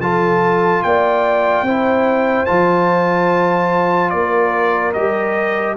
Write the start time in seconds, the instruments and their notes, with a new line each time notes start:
0.00 tuba F3, trombone F4, horn A4, trumpet A5
0.83 tuba A#3, horn D5, trumpet G5
1.62 tuba C4, trombone E4, horn C5
2.46 tuba F3, trombone F4, trumpet A5
4.10 tuba A#3, horn A#4, trumpet D5
4.93 tuba G3, trombone G4, trumpet D#5